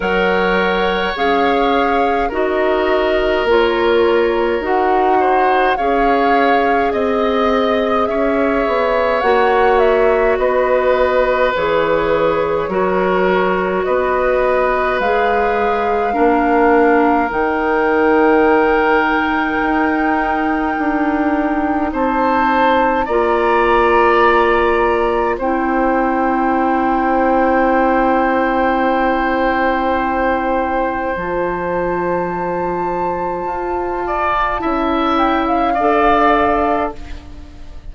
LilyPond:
<<
  \new Staff \with { instrumentName = "flute" } { \time 4/4 \tempo 4 = 52 fis''4 f''4 dis''4 cis''4 | fis''4 f''4 dis''4 e''4 | fis''8 e''8 dis''4 cis''2 | dis''4 f''2 g''4~ |
g''2. a''4 | ais''2 g''2~ | g''2. a''4~ | a''2~ a''8 g''16 f''4~ f''16 | }
  \new Staff \with { instrumentName = "oboe" } { \time 4/4 cis''2 ais'2~ | ais'8 c''8 cis''4 dis''4 cis''4~ | cis''4 b'2 ais'4 | b'2 ais'2~ |
ais'2. c''4 | d''2 c''2~ | c''1~ | c''4. d''8 e''4 d''4 | }
  \new Staff \with { instrumentName = "clarinet" } { \time 4/4 ais'4 gis'4 fis'4 f'4 | fis'4 gis'2. | fis'2 gis'4 fis'4~ | fis'4 gis'4 d'4 dis'4~ |
dis'1 | f'2 e'2~ | e'2. f'4~ | f'2 e'4 a'4 | }
  \new Staff \with { instrumentName = "bassoon" } { \time 4/4 fis4 cis'4 dis'4 ais4 | dis'4 cis'4 c'4 cis'8 b8 | ais4 b4 e4 fis4 | b4 gis4 ais4 dis4~ |
dis4 dis'4 d'4 c'4 | ais2 c'2~ | c'2. f4~ | f4 f'4 cis'4 d'4 | }
>>